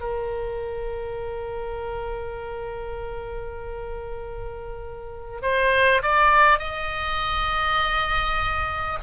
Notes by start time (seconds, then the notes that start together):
0.00 A#4
5.42 C5
6.02 D5
6.58 D#5